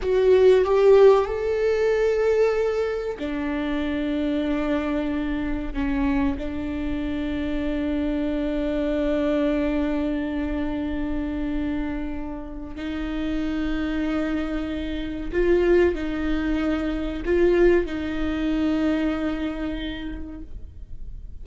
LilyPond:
\new Staff \with { instrumentName = "viola" } { \time 4/4 \tempo 4 = 94 fis'4 g'4 a'2~ | a'4 d'2.~ | d'4 cis'4 d'2~ | d'1~ |
d'1 | dis'1 | f'4 dis'2 f'4 | dis'1 | }